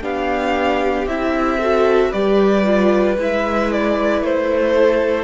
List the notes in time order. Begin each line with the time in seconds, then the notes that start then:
0.00 B3 D4 G4 F5
1.06 C4 E4 E5
1.59 F#4 A4
2.09 G3 G4 B4 D5
2.64 F4
3.17 G#3 E4 E5
3.71 D5
4.21 A3 C5
4.74 A4